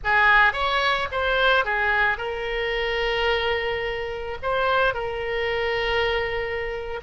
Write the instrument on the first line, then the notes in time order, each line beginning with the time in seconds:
oboe
0.04 G#4
0.53 C#5
1.11 C5
1.64 G#4
2.17 A#4
4.42 C5
4.94 A#4